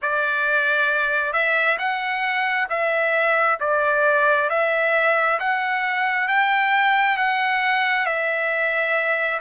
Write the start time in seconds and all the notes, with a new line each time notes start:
0.02 D5
1.32 E5
1.78 F#5
2.69 E5
3.60 D5
4.49 E5
5.39 F#5
6.27 G5
7.17 F#5
8.06 E5